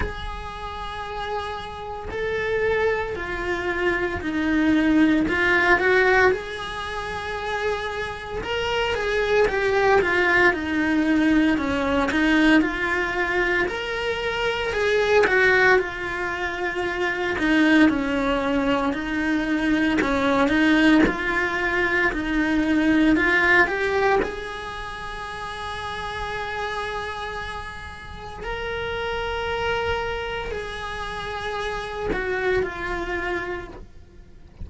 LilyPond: \new Staff \with { instrumentName = "cello" } { \time 4/4 \tempo 4 = 57 gis'2 a'4 f'4 | dis'4 f'8 fis'8 gis'2 | ais'8 gis'8 g'8 f'8 dis'4 cis'8 dis'8 | f'4 ais'4 gis'8 fis'8 f'4~ |
f'8 dis'8 cis'4 dis'4 cis'8 dis'8 | f'4 dis'4 f'8 g'8 gis'4~ | gis'2. ais'4~ | ais'4 gis'4. fis'8 f'4 | }